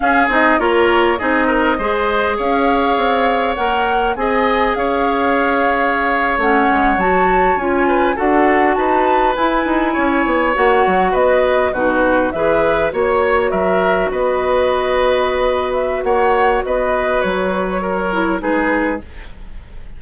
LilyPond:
<<
  \new Staff \with { instrumentName = "flute" } { \time 4/4 \tempo 4 = 101 f''8 dis''8 cis''4 dis''2 | f''2 fis''4 gis''4 | f''2~ f''8. fis''4 a''16~ | a''8. gis''4 fis''4 a''4 gis''16~ |
gis''4.~ gis''16 fis''4 dis''4 b'16~ | b'8. e''4 cis''4 e''4 dis''16~ | dis''2~ dis''8 e''8 fis''4 | dis''4 cis''2 b'4 | }
  \new Staff \with { instrumentName = "oboe" } { \time 4/4 gis'4 ais'4 gis'8 ais'8 c''4 | cis''2. dis''4 | cis''1~ | cis''4~ cis''16 b'8 a'4 b'4~ b'16~ |
b'8. cis''2 b'4 fis'16~ | fis'8. b'4 cis''4 ais'4 b'16~ | b'2. cis''4 | b'2 ais'4 gis'4 | }
  \new Staff \with { instrumentName = "clarinet" } { \time 4/4 cis'8 dis'8 f'4 dis'4 gis'4~ | gis'2 ais'4 gis'4~ | gis'2~ gis'8. cis'4 fis'16~ | fis'8. f'4 fis'2 e'16~ |
e'4.~ e'16 fis'2 dis'16~ | dis'8. gis'4 fis'2~ fis'16~ | fis'1~ | fis'2~ fis'8 e'8 dis'4 | }
  \new Staff \with { instrumentName = "bassoon" } { \time 4/4 cis'8 c'8 ais4 c'4 gis4 | cis'4 c'4 ais4 c'4 | cis'2~ cis'8. a8 gis8 fis16~ | fis8. cis'4 d'4 dis'4 e'16~ |
e'16 dis'8 cis'8 b8 ais8 fis8 b4 b,16~ | b,8. e4 ais4 fis4 b16~ | b2. ais4 | b4 fis2 gis4 | }
>>